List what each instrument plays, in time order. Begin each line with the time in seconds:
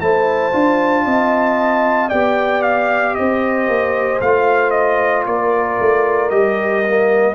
0.00 tuba A3, trombone E4, horn C5, trumpet A5
0.52 tuba D4, trombone F4
1.05 tuba C4, horn D#5
2.09 tuba B3, trombone G4, horn D5, trumpet G5
2.62 trumpet F5
3.15 tuba C4, horn C5, trumpet D#5
3.68 tuba A#3
4.21 tuba A3, trombone F4, trumpet F5
4.71 trumpet D#5
5.26 tuba A#3, horn A#4, trumpet D5
5.79 tuba A3
6.30 tuba G3, trombone G4, trumpet D#5
6.87 trombone A#3